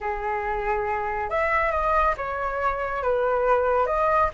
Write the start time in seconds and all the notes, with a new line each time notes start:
0.00 G#4
1.29 E5
1.71 D#5
2.17 C#5
3.02 B4
3.86 D#5